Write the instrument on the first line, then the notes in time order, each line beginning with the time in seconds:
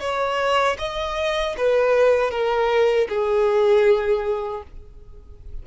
violin
0.00 C#5
0.79 D#5
1.57 B4
2.31 A#4
3.09 G#4